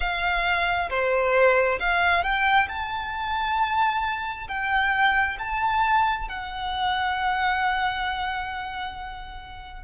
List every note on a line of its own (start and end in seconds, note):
0.00 0.89 F5
0.89 1.79 C5
1.79 2.23 F5
2.23 2.68 G5
2.68 4.47 A5
4.48 5.37 G5
5.39 6.28 A5
6.28 9.83 F#5